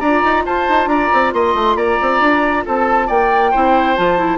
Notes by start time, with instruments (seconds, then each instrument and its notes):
0.00 bassoon D4, clarinet F4, oboe D5, flute A#5
0.24 bassoon D#4
0.45 bassoon F4, oboe C5, flute A5
0.68 bassoon D#4
0.86 bassoon D4, oboe D5, flute A#5
1.13 bassoon C4
1.33 bassoon A#3, oboe D#5, flute C6
1.55 bassoon A3
1.76 bassoon A#3, oboe D5, flute A#5
2.02 bassoon C4
2.20 bassoon D4
2.65 bassoon C4, oboe A4, flute A5
3.07 bassoon A#3, oboe D5, flute G5
3.51 bassoon C4, clarinet E4, oboe C5
3.96 bassoon F3, clarinet F4, flute A5
4.18 clarinet E4